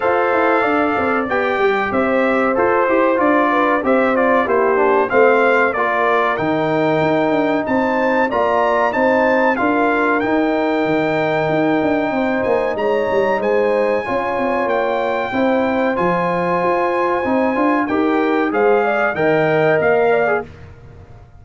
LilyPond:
<<
  \new Staff \with { instrumentName = "trumpet" } { \time 4/4 \tempo 4 = 94 f''2 g''4 e''4 | c''4 d''4 e''8 d''8 c''4 | f''4 d''4 g''2 | a''4 ais''4 a''4 f''4 |
g''2.~ g''8 gis''8 | ais''4 gis''2 g''4~ | g''4 gis''2. | g''4 f''4 g''4 f''4 | }
  \new Staff \with { instrumentName = "horn" } { \time 4/4 c''4 d''2 c''4~ | c''4. b'8 c''4 g'4 | c''4 ais'2. | c''4 d''4 c''4 ais'4~ |
ais'2. c''4 | cis''4 c''4 cis''2 | c''1 | ais'4 c''8 d''8 dis''4. d''8 | }
  \new Staff \with { instrumentName = "trombone" } { \time 4/4 a'2 g'2 | a'8 g'8 f'4 g'8 f'8 e'8 d'8 | c'4 f'4 dis'2~ | dis'4 f'4 dis'4 f'4 |
dis'1~ | dis'2 f'2 | e'4 f'2 dis'8 f'8 | g'4 gis'4 ais'4.~ ais'16 gis'16 | }
  \new Staff \with { instrumentName = "tuba" } { \time 4/4 f'8 e'8 d'8 c'8 b8 g8 c'4 | f'8 e'8 d'4 c'4 ais4 | a4 ais4 dis4 dis'8 d'8 | c'4 ais4 c'4 d'4 |
dis'4 dis4 dis'8 d'8 c'8 ais8 | gis8 g8 gis4 cis'8 c'8 ais4 | c'4 f4 f'4 c'8 d'8 | dis'4 gis4 dis4 ais4 | }
>>